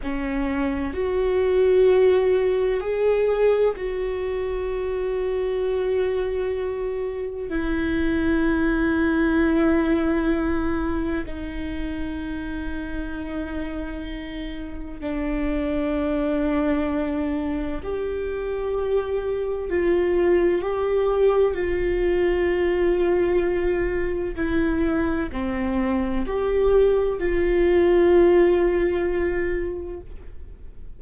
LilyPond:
\new Staff \with { instrumentName = "viola" } { \time 4/4 \tempo 4 = 64 cis'4 fis'2 gis'4 | fis'1 | e'1 | dis'1 |
d'2. g'4~ | g'4 f'4 g'4 f'4~ | f'2 e'4 c'4 | g'4 f'2. | }